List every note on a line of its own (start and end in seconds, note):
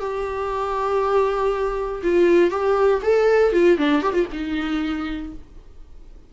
0.00 2.02 G4
2.03 2.51 F4
2.51 3.01 G4
3.03 3.52 A4
3.52 3.78 F4
3.78 4.02 D4
4.02 4.13 G4
4.13 4.26 F4
4.32 5.33 D#4